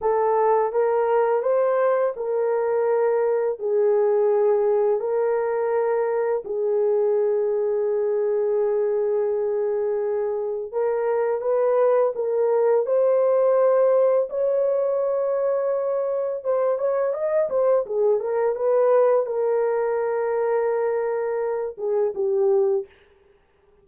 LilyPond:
\new Staff \with { instrumentName = "horn" } { \time 4/4 \tempo 4 = 84 a'4 ais'4 c''4 ais'4~ | ais'4 gis'2 ais'4~ | ais'4 gis'2.~ | gis'2. ais'4 |
b'4 ais'4 c''2 | cis''2. c''8 cis''8 | dis''8 c''8 gis'8 ais'8 b'4 ais'4~ | ais'2~ ais'8 gis'8 g'4 | }